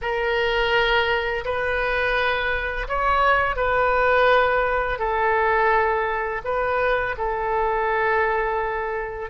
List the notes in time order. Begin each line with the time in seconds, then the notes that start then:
0.01 A#4
1.44 B4
2.87 C#5
3.56 B4
4.98 A4
6.44 B4
7.17 A4